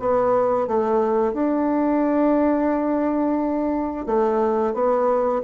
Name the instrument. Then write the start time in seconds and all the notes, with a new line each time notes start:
bassoon
0.00 B3
0.68 A3
1.34 D4
4.07 A3
4.74 B3